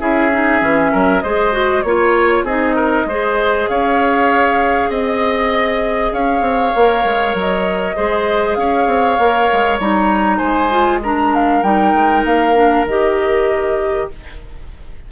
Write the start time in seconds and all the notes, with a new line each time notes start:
0.00 C#4 E4 G#4 E5
0.32 D#4
0.61 E3 C#4
0.92 F#3 A#4
1.22 G#3 G#4 C5 D#5
1.52 F#4
1.83 A#3 F4 C#5
2.43 C4 D#4 G#4 D#5
2.76 A#4
3.06 G#3 G#4 C5
3.69 C#4 C#5 F5
4.89 C4 D#5
6.13 C#4 C#5 F5
6.41 C4
6.76 A#3 A#4
7.04 G#3
7.35 F#3 D#5
7.97 G#3 G#4 C5
8.55 C#4 C#5 F5
8.87 C4
9.19 A#3 A#4
9.53 G#3
9.80 G3 D#4 A#5
10.38 G#3 C5 G#5
10.71 F4
11.03 D4 A#4 A#5
11.35 F5
11.63 G3 D#4 G5
11.94 G#3
12.25 A#3 F5
12.55 D4
12.85 D#3 G4 D#5